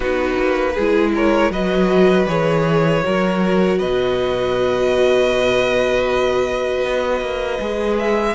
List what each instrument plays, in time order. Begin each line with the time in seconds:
0.00 cello B3, viola D#4, violin F#4 B4
0.38 cello A#3
0.74 cello G#3, violin G#4
0.80 viola E4
1.14 violin A#4 C#5
1.50 cello F#3, viola F#4, violin B4 D#5
2.26 cello E3, viola G#4, violin C#5
3.02 cello F#3, viola F#4, violin A#4
3.78 cello B2, violin B4 D#5
6.84 cello B3
7.20 cello A#3
7.60 cello G#3, viola G#4
7.98 violin E5